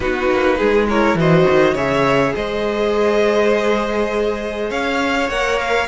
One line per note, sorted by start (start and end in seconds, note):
0.00 0.29 B3
0.00 0.88 D#4
0.00 0.57 F#4
0.00 0.87 B4
0.30 0.59 A#3
0.57 1.14 G#3
0.57 0.86 G#4
0.88 1.18 E4
0.88 1.18 A#4
0.88 1.18 C#5
1.14 1.44 E3
1.14 1.76 F#4
1.14 1.74 C5
1.14 1.76 D#5
1.49 1.73 D#3
1.73 2.32 C#3
1.73 5.29 G#4
1.73 2.33 C#5
1.73 2.35 E5
2.35 4.70 G#3
2.35 4.70 C5
2.35 4.70 D#5
4.70 5.28 C#4
4.70 5.87 C#5
4.70 5.29 F5
5.28 5.87 A#3
5.28 5.88 A#4
5.28 5.58 F#5
5.59 5.88 F5